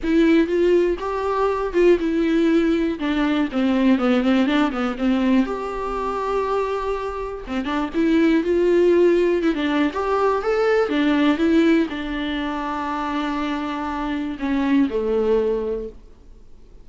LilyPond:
\new Staff \with { instrumentName = "viola" } { \time 4/4 \tempo 4 = 121 e'4 f'4 g'4. f'8 | e'2 d'4 c'4 | b8 c'8 d'8 b8 c'4 g'4~ | g'2. c'8 d'8 |
e'4 f'2 e'16 d'8. | g'4 a'4 d'4 e'4 | d'1~ | d'4 cis'4 a2 | }